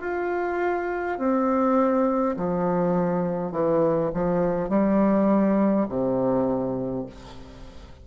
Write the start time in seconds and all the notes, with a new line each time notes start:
0.00 F4
1.18 C4
2.36 F3
3.51 E3
4.14 F3
4.69 G3
5.88 C3